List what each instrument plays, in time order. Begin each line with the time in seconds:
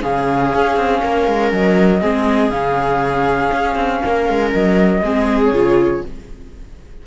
0.00 cello C#3, viola C#4 G#4, flute F5
0.55 cello C#4
0.76 cello C4
1.02 cello A#3, viola A#4
1.27 cello G#3
1.52 cello F#3, flute D#5
2.01 cello G#3, viola C4 G#4
2.50 cello C#3, viola C#4, flute F5
3.52 cello C#4
3.75 cello C4
4.05 cello A#3, viola A#4
4.29 cello G#3
4.53 cello F#3, flute D#5
5.02 cello G#3, viola C4 G#4
5.44 flute C#5
5.52 cello C#3, viola F4